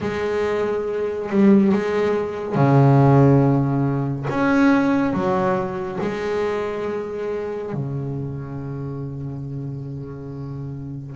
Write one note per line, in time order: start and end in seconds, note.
0.00 1.29 G#3
1.29 1.72 G3
1.72 2.55 G#3
2.55 4.26 C#3
4.29 5.13 C#4
5.13 5.98 F#3
6.01 7.72 G#3
7.73 11.15 C#3